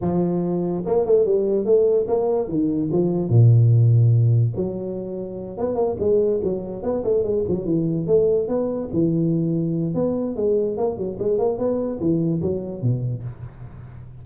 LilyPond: \new Staff \with { instrumentName = "tuba" } { \time 4/4 \tempo 4 = 145 f2 ais8 a8 g4 | a4 ais4 dis4 f4 | ais,2. fis4~ | fis4. b8 ais8 gis4 fis8~ |
fis8 b8 a8 gis8 fis8 e4 a8~ | a8 b4 e2~ e8 | b4 gis4 ais8 fis8 gis8 ais8 | b4 e4 fis4 b,4 | }